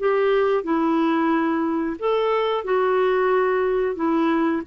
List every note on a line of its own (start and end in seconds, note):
0.00 0.64 G4
0.64 1.97 E4
2.00 2.65 A4
2.65 3.96 F#4
3.96 4.63 E4